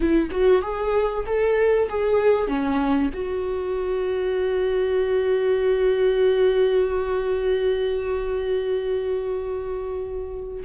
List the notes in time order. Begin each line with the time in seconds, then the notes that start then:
0.00 E4
0.30 F#4
0.62 G#4
1.26 A4
1.89 G#4
2.47 C#4
3.13 F#4